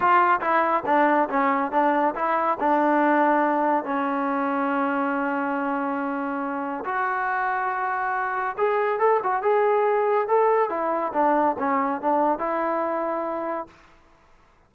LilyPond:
\new Staff \with { instrumentName = "trombone" } { \time 4/4 \tempo 4 = 140 f'4 e'4 d'4 cis'4 | d'4 e'4 d'2~ | d'4 cis'2.~ | cis'1 |
fis'1 | gis'4 a'8 fis'8 gis'2 | a'4 e'4 d'4 cis'4 | d'4 e'2. | }